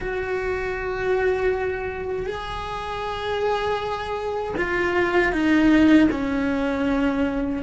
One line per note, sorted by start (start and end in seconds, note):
0.00 2.26 F#4
2.26 4.54 G#4
4.57 5.32 F4
5.32 6.08 D#4
6.11 7.63 C#4